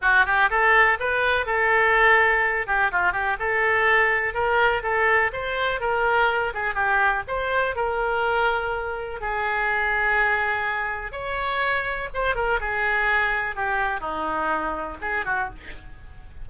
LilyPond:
\new Staff \with { instrumentName = "oboe" } { \time 4/4 \tempo 4 = 124 fis'8 g'8 a'4 b'4 a'4~ | a'4. g'8 f'8 g'8 a'4~ | a'4 ais'4 a'4 c''4 | ais'4. gis'8 g'4 c''4 |
ais'2. gis'4~ | gis'2. cis''4~ | cis''4 c''8 ais'8 gis'2 | g'4 dis'2 gis'8 fis'8 | }